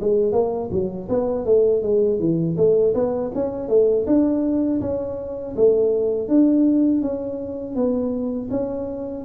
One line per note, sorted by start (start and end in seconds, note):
0.00 0.32 G#3
0.32 0.69 A#3
0.71 1.08 F#3
1.09 1.45 B3
1.45 1.82 A3
1.82 2.19 G#3
2.19 2.56 E3
2.57 2.94 A3
2.94 3.31 B3
3.34 3.68 C#4
3.68 4.05 A3
4.06 4.80 D4
4.81 5.55 C#4
5.56 6.28 A3
6.28 7.02 D4
7.02 7.75 C#4
7.75 8.49 B3
8.50 9.24 C#4